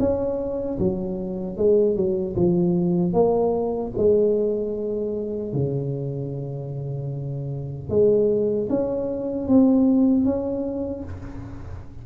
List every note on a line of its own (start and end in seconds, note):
0.00 0.79 C#4
0.79 1.58 F#3
1.58 1.97 G#3
1.97 2.36 F#3
2.37 3.14 F3
3.14 3.93 A#3
3.98 5.54 G#3
5.54 7.90 C#3
7.90 8.69 G#3
8.70 9.48 C#4
9.48 10.25 C4
10.25 11.04 C#4